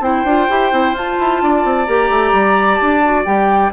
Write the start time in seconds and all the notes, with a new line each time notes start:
0.00 C4 E4 C5 G5
0.24 D4 F4
0.49 E4 G4
0.72 C4 E4
0.92 F4 A5
1.19 E4
1.42 D4 D5
1.64 C4
1.86 A#3 G4 A#5
2.10 A3
2.33 G3
2.75 A5
2.81 D4
3.04 F#4
3.25 G3 G4 G5